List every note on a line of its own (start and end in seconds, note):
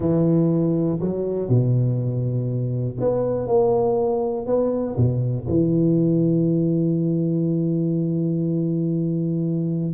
0.00 0.99 E3
0.99 1.49 F#3
1.49 2.97 B2
3.00 3.47 B3
3.47 4.46 A#3
4.46 4.96 B3
4.96 5.46 B2
5.47 9.94 E3